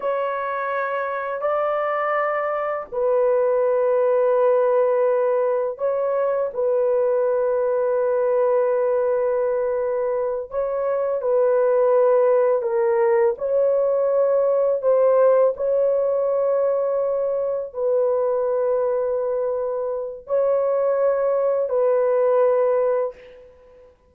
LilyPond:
\new Staff \with { instrumentName = "horn" } { \time 4/4 \tempo 4 = 83 cis''2 d''2 | b'1 | cis''4 b'2.~ | b'2~ b'8 cis''4 b'8~ |
b'4. ais'4 cis''4.~ | cis''8 c''4 cis''2~ cis''8~ | cis''8 b'2.~ b'8 | cis''2 b'2 | }